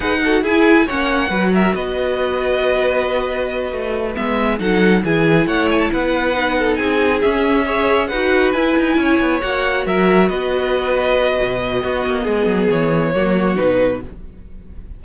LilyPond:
<<
  \new Staff \with { instrumentName = "violin" } { \time 4/4 \tempo 4 = 137 fis''4 gis''4 fis''4. e''8 | dis''1~ | dis''4. e''4 fis''4 gis''8~ | gis''8 fis''8 gis''16 a''16 fis''2 gis''8~ |
gis''8 e''2 fis''4 gis''8~ | gis''4. fis''4 e''4 dis''8~ | dis''1~ | dis''4 cis''2 b'4 | }
  \new Staff \with { instrumentName = "violin" } { \time 4/4 b'8 a'8 gis'4 cis''4 b'8 ais'8 | b'1~ | b'2~ b'8 a'4 gis'8~ | gis'8 cis''4 b'4. a'8 gis'8~ |
gis'4. cis''4 b'4.~ | b'8 cis''2 ais'4 b'8~ | b'2. fis'4 | gis'2 fis'2 | }
  \new Staff \with { instrumentName = "viola" } { \time 4/4 gis'8 fis'8 e'4 cis'4 fis'4~ | fis'1~ | fis'4. b4 dis'4 e'8~ | e'2~ e'8 dis'4.~ |
dis'8 cis'4 gis'4 fis'4 e'8~ | e'4. fis'2~ fis'8~ | fis'2. b4~ | b2 ais4 dis'4 | }
  \new Staff \with { instrumentName = "cello" } { \time 4/4 dis'4 e'4 ais4 fis4 | b1~ | b8 a4 gis4 fis4 e8~ | e8 a4 b2 c'8~ |
c'8 cis'2 dis'4 e'8 | dis'8 cis'8 b8 ais4 fis4 b8~ | b2 b,4 b8 ais8 | gis8 fis8 e4 fis4 b,4 | }
>>